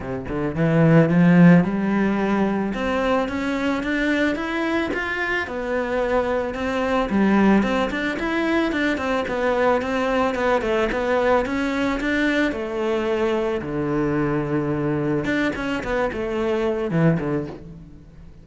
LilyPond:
\new Staff \with { instrumentName = "cello" } { \time 4/4 \tempo 4 = 110 c8 d8 e4 f4 g4~ | g4 c'4 cis'4 d'4 | e'4 f'4 b2 | c'4 g4 c'8 d'8 e'4 |
d'8 c'8 b4 c'4 b8 a8 | b4 cis'4 d'4 a4~ | a4 d2. | d'8 cis'8 b8 a4. e8 d8 | }